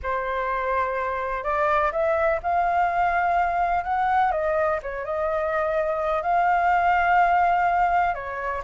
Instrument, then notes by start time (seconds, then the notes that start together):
flute
0.02 C5
1.43 D5
1.92 E5
2.42 F5
3.84 F#5
4.31 D#5
4.82 C#5
5.04 D#5
6.22 F5
8.14 C#5